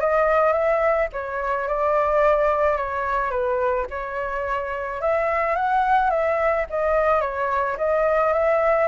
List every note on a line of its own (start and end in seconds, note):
0.00 0.53 D#5
0.53 1.08 E5
1.12 1.68 C#5
1.68 2.77 D5
2.77 3.31 C#5
3.31 3.86 B4
3.90 5.01 C#5
5.01 5.56 E5
5.56 6.10 F#5
6.10 6.66 E5
6.70 7.21 D#5
7.21 7.77 C#5
7.77 8.33 D#5
8.33 8.87 E5